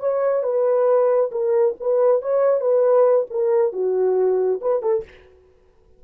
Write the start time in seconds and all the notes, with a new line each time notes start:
0.00 C#5
0.43 B4
1.32 A#4
1.81 B4
2.22 C#5
2.61 B4
3.30 A#4
3.73 F#4
4.61 B4
4.82 A4